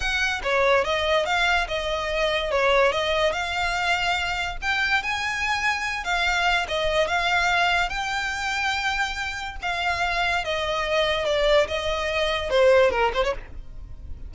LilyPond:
\new Staff \with { instrumentName = "violin" } { \time 4/4 \tempo 4 = 144 fis''4 cis''4 dis''4 f''4 | dis''2 cis''4 dis''4 | f''2. g''4 | gis''2~ gis''8 f''4. |
dis''4 f''2 g''4~ | g''2. f''4~ | f''4 dis''2 d''4 | dis''2 c''4 ais'8 c''16 cis''16 | }